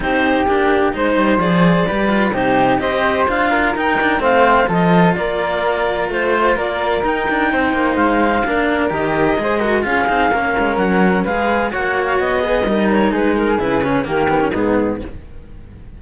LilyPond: <<
  \new Staff \with { instrumentName = "clarinet" } { \time 4/4 \tempo 4 = 128 c''4 g'4 c''4 d''4~ | d''4 c''4 dis''4 f''4 | g''4 f''4 dis''4 d''4~ | d''4 c''4 d''4 g''4~ |
g''4 f''2 dis''4~ | dis''4 f''2 fis''4 | f''4 fis''8. f''16 dis''4. cis''8 | b'8 ais'8 b'4 ais'4 gis'4 | }
  \new Staff \with { instrumentName = "flute" } { \time 4/4 g'2 c''2 | b'4 g'4 c''4. ais'8~ | ais'4 c''4 a'4 ais'4~ | ais'4 c''4 ais'2 |
c''2 ais'2 | c''8 ais'8 gis'4 ais'2 | b'4 cis''4. b'8 ais'4 | gis'2 g'4 dis'4 | }
  \new Staff \with { instrumentName = "cello" } { \time 4/4 dis'4 d'4 dis'4 gis'4 | g'8 f'8 dis'4 g'4 f'4 | dis'8 d'8 c'4 f'2~ | f'2. dis'4~ |
dis'2 d'4 g'4 | gis'8 fis'8 f'8 dis'8 cis'2 | gis'4 fis'4. gis'8 dis'4~ | dis'4 e'8 cis'8 ais8 b16 cis'16 b4 | }
  \new Staff \with { instrumentName = "cello" } { \time 4/4 c'4 ais4 gis8 g8 f4 | g4 c4 c'4 d'4 | dis'4 a4 f4 ais4~ | ais4 a4 ais4 dis'8 d'8 |
c'8 ais8 gis4 ais4 dis4 | gis4 cis'8 c'8 ais8 gis8 fis4 | gis4 ais4 b4 g4 | gis4 cis4 dis4 gis,4 | }
>>